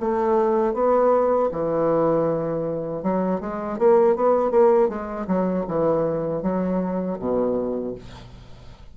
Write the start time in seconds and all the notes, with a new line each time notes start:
0.00 A3
0.74 B3
1.52 E3
3.03 F#3
3.40 G#3
3.78 A#3
4.15 B3
4.51 A#3
4.88 G#3
5.27 F#3
5.68 E3
6.42 F#3
7.19 B2